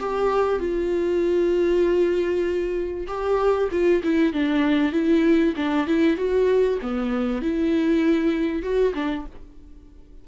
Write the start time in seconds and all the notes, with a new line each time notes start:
0.00 G4
0.60 F4
3.08 G4
3.72 F4
4.04 E4
4.33 D4
4.93 E4
5.57 D4
5.87 E4
6.17 F#4
6.82 B3
7.42 E4
8.63 F#4
8.95 D4